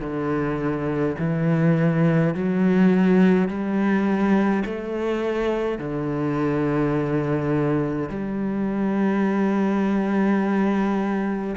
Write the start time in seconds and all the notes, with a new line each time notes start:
0.00 D3
1.19 E3
2.34 F#3
3.48 G3
4.65 A3
5.78 D3
8.09 G3